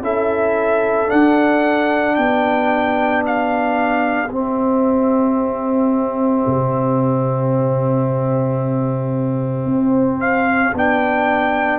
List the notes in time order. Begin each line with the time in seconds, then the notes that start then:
0.00 C#4 E4 A4 E5
1.06 D4 F#5
2.15 B3 G4 G5
3.26 F5
4.30 C4 E5
6.46 C3
9.65 C4
10.20 F5
10.73 B3 D4 G5